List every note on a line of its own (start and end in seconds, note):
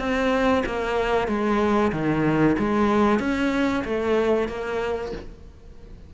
0.00 0.64 C4
0.66 1.28 A#3
1.28 1.92 G#3
1.93 2.56 D#3
2.59 3.20 G#3
3.20 3.84 C#4
3.85 4.49 A3
4.49 5.13 A#3